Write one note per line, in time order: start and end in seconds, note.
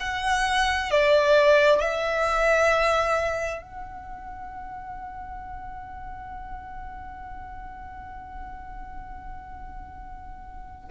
0.00 0.91 F#5
0.91 1.81 D5
1.81 3.62 E5
3.62 10.90 F#5